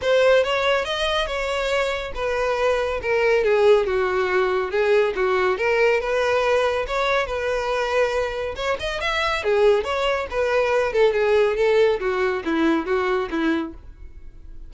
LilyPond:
\new Staff \with { instrumentName = "violin" } { \time 4/4 \tempo 4 = 140 c''4 cis''4 dis''4 cis''4~ | cis''4 b'2 ais'4 | gis'4 fis'2 gis'4 | fis'4 ais'4 b'2 |
cis''4 b'2. | cis''8 dis''8 e''4 gis'4 cis''4 | b'4. a'8 gis'4 a'4 | fis'4 e'4 fis'4 e'4 | }